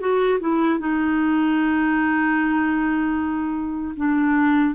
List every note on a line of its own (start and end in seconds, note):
0.00 0.39 F#4
0.40 0.79 E4
0.79 3.95 D#4
3.97 4.75 D4